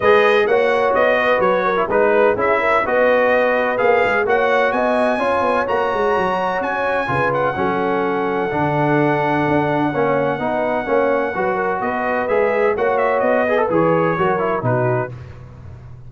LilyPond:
<<
  \new Staff \with { instrumentName = "trumpet" } { \time 4/4 \tempo 4 = 127 dis''4 fis''4 dis''4 cis''4 | b'4 e''4 dis''2 | f''4 fis''4 gis''2 | ais''2 gis''4. fis''8~ |
fis''1~ | fis''1~ | fis''4 dis''4 e''4 fis''8 e''8 | dis''4 cis''2 b'4 | }
  \new Staff \with { instrumentName = "horn" } { \time 4/4 b'4 cis''4. b'4 ais'8 | b'4 gis'8 ais'8 b'2~ | b'4 cis''4 dis''4 cis''4~ | cis''2. b'4 |
a'1~ | a'4 cis''4 b'4 cis''4 | b'8 ais'8 b'2 cis''4~ | cis''8 b'4. ais'4 fis'4 | }
  \new Staff \with { instrumentName = "trombone" } { \time 4/4 gis'4 fis'2~ fis'8. e'16 | dis'4 e'4 fis'2 | gis'4 fis'2 f'4 | fis'2. f'4 |
cis'2 d'2~ | d'4 cis'4 dis'4 cis'4 | fis'2 gis'4 fis'4~ | fis'8 gis'16 a'16 gis'4 fis'8 e'8 dis'4 | }
  \new Staff \with { instrumentName = "tuba" } { \time 4/4 gis4 ais4 b4 fis4 | gis4 cis'4 b2 | ais8 gis8 ais4 b4 cis'8 b8 | ais8 gis8 fis4 cis'4 cis4 |
fis2 d2 | d'4 ais4 b4 ais4 | fis4 b4 gis4 ais4 | b4 e4 fis4 b,4 | }
>>